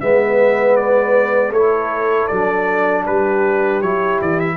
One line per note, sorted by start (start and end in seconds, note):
0.00 1.51 G#3
0.00 1.53 B3
0.00 1.51 B4
0.00 0.75 E5
0.75 1.51 D5
1.51 2.27 A3
1.51 2.30 E4
1.51 3.03 A4
1.51 2.27 C#5
2.27 3.06 F#3
2.27 3.82 D4
2.27 3.03 D5
3.04 3.81 G3
3.04 4.56 G4
3.04 3.81 B4
3.81 4.19 F#3
3.81 4.56 E4
3.81 4.19 C#5
4.21 4.56 E3
4.21 4.39 D5
4.39 4.56 E5